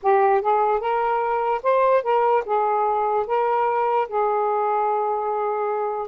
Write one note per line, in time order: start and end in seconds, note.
0.02 0.41 G4
0.41 0.80 G#4
0.80 1.61 A#4
1.62 2.03 C5
2.03 2.43 A#4
2.45 3.26 G#4
3.26 4.07 A#4
4.08 6.08 G#4